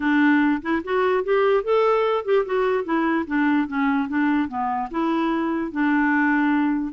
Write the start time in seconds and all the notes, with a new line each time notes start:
0.00 D4
0.61 E4
0.84 F#4
1.24 G4
1.63 A4
2.24 G4
2.45 F#4
2.84 E4
3.27 D4
3.67 C#4
4.08 D4
4.48 B3
4.90 E4
5.71 D4